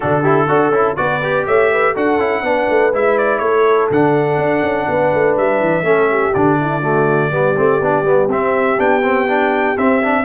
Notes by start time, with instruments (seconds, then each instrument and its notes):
0.00 tuba D3, trombone D4, horn F#4, trumpet A4
0.22 trombone E4, horn G4
0.47 tuba D4, trombone F#4, horn A4
0.70 tuba C#4, trombone E4
0.96 tuba B3, trombone F#4, horn B4, trumpet D5
1.22 trombone G4
1.46 tuba A3, horn C#5, trumpet E5
1.72 horn B4
1.93 tuba D4, trombone F#4, horn A4, trumpet F#5
2.19 tuba C#4, trombone E4
2.42 tuba B3, trombone D4, horn B4
2.69 tuba A3
2.92 tuba G#3, trombone E4, trumpet E5
3.17 trumpet D5
3.38 tuba A3, horn A4, trumpet C#5
3.90 tuba D3, trombone D4, trumpet F#5
4.37 tuba D4
4.62 tuba C#4
4.88 tuba B3, horn B4
5.13 tuba A3
5.36 tuba G3, trumpet E5
5.60 tuba E3
5.82 tuba A3, trombone C#4, horn A4
6.10 horn G4
6.34 tuba D3, trombone D4, trumpet D5
6.60 horn E4
6.81 trombone A3, horn F#4
7.30 tuba G3, trombone B3, horn G4
7.56 tuba A3, trombone C4
7.80 tuba B3, trombone D4
8.02 tuba G3, trombone B3
8.27 tuba C4, trombone C4, trumpet E5
8.77 tuba B3, trombone D4, trumpet G5
9.02 trombone C4
9.27 trombone D4
9.77 tuba C4, trombone C4, trumpet E5
10.02 trombone D4